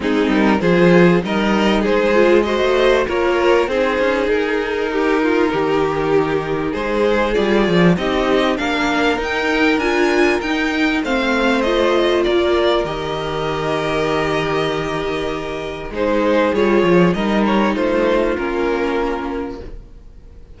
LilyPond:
<<
  \new Staff \with { instrumentName = "violin" } { \time 4/4 \tempo 4 = 98 gis'8 ais'8 c''4 dis''4 c''4 | dis''4 cis''4 c''4 ais'4~ | ais'2. c''4 | d''4 dis''4 f''4 g''4 |
gis''4 g''4 f''4 dis''4 | d''4 dis''2.~ | dis''2 c''4 cis''4 | dis''8 cis''8 c''4 ais'2 | }
  \new Staff \with { instrumentName = "violin" } { \time 4/4 dis'4 gis'4 ais'4 gis'4 | c''4 ais'4 gis'2 | g'8 f'8 g'2 gis'4~ | gis'4 g'4 ais'2~ |
ais'2 c''2 | ais'1~ | ais'2 gis'2 | ais'4 f'2. | }
  \new Staff \with { instrumentName = "viola" } { \time 4/4 c'4 f'4 dis'4. f'8 | fis'4 f'4 dis'2~ | dis'1 | f'4 dis'4 d'4 dis'4 |
f'4 dis'4 c'4 f'4~ | f'4 g'2.~ | g'2 dis'4 f'4 | dis'2 cis'2 | }
  \new Staff \with { instrumentName = "cello" } { \time 4/4 gis8 g8 f4 g4 gis4~ | gis16 a8. ais4 c'8 cis'8 dis'4~ | dis'4 dis2 gis4 | g8 f8 c'4 ais4 dis'4 |
d'4 dis'4 a2 | ais4 dis2.~ | dis2 gis4 g8 f8 | g4 a4 ais2 | }
>>